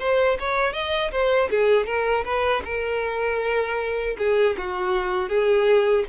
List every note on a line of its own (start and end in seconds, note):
0.00 0.38 C5
0.39 0.73 C#5
0.73 1.11 D#5
1.12 1.49 C5
1.51 1.86 G#4
1.86 2.24 A#4
2.25 2.63 B4
2.65 4.17 A#4
4.18 4.56 G#4
4.57 5.29 F#4
5.29 6.05 G#4